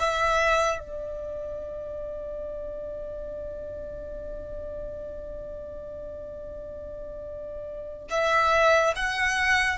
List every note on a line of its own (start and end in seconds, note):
0.00 0.79 E5
0.79 8.08 D5
8.10 8.94 E5
8.96 9.78 F#5